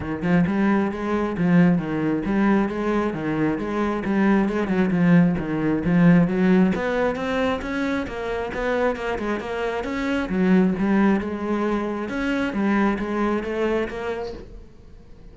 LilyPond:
\new Staff \with { instrumentName = "cello" } { \time 4/4 \tempo 4 = 134 dis8 f8 g4 gis4 f4 | dis4 g4 gis4 dis4 | gis4 g4 gis8 fis8 f4 | dis4 f4 fis4 b4 |
c'4 cis'4 ais4 b4 | ais8 gis8 ais4 cis'4 fis4 | g4 gis2 cis'4 | g4 gis4 a4 ais4 | }